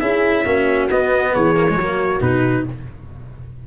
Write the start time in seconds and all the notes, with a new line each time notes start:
0.00 C#4 E4 G#4 E5
0.45 A#3 C#4 F#4
0.91 B3 D#5
1.34 E3 G#4 C#5
1.57 A#3
1.69 G#3
1.76 F#3 A#3 F#4
2.21 B2 D#4 B4